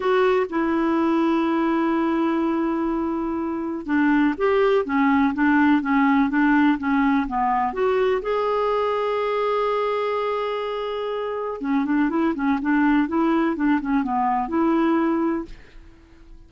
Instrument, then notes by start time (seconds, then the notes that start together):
clarinet
0.00 F#4
0.49 E4
3.86 D4
4.37 G4
4.85 C#4
5.34 D4
5.81 C#4
6.29 D4
6.78 C#4
7.27 B3
7.73 F#4
8.22 G#4
11.61 C#4
11.85 D4
12.09 E4
12.35 C#4
12.61 D4
13.08 E4
13.55 D4
13.81 C#4
14.03 B3
14.48 E4